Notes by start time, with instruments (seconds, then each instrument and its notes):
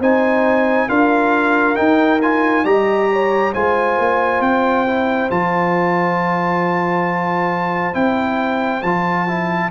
0.00 tuba C4, trombone D#4, horn C5, trumpet G#5
0.89 tuba D4, trombone F4, horn A#4, trumpet F5
1.75 trombone D#4, tuba D#4, trumpet G5
2.21 trombone F4, trumpet G#5
2.65 tuba G3, trombone G4, horn D#5, trumpet A#5
3.12 horn C#5
3.53 tuba G#3, trombone F4, horn C5, trumpet G#5
3.98 tuba A#3
4.40 tuba C4, trumpet G5
4.87 trombone E4
5.30 tuba F3, trombone F4, trumpet A5
7.93 tuba C4, trombone E4, trumpet G5
8.82 tuba F3, trombone F4, trumpet A5
9.27 trombone E4